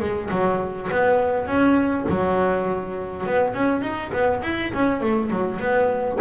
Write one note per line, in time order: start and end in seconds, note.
0.00 0.29 G#3
0.31 0.90 F#3
0.91 1.47 B3
1.47 2.06 C#4
2.09 3.26 F#3
3.26 3.54 B3
3.54 3.82 C#4
3.82 4.11 D#4
4.13 4.42 B3
4.43 4.72 E4
4.74 5.01 C#4
5.01 5.30 A3
5.30 5.60 F#3
5.60 6.19 B3